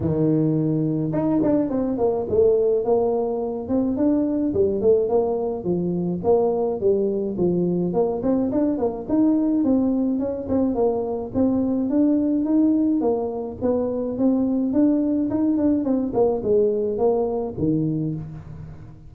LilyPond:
\new Staff \with { instrumentName = "tuba" } { \time 4/4 \tempo 4 = 106 dis2 dis'8 d'8 c'8 ais8 | a4 ais4. c'8 d'4 | g8 a8 ais4 f4 ais4 | g4 f4 ais8 c'8 d'8 ais8 |
dis'4 c'4 cis'8 c'8 ais4 | c'4 d'4 dis'4 ais4 | b4 c'4 d'4 dis'8 d'8 | c'8 ais8 gis4 ais4 dis4 | }